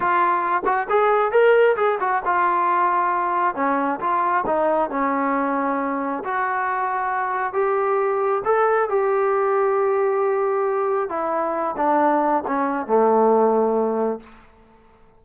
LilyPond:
\new Staff \with { instrumentName = "trombone" } { \time 4/4 \tempo 4 = 135 f'4. fis'8 gis'4 ais'4 | gis'8 fis'8 f'2. | cis'4 f'4 dis'4 cis'4~ | cis'2 fis'2~ |
fis'4 g'2 a'4 | g'1~ | g'4 e'4. d'4. | cis'4 a2. | }